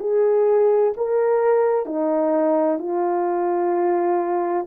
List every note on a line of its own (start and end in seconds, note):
0.00 0.94 G#4
0.97 1.86 A#4
1.86 2.79 D#4
2.79 4.67 F4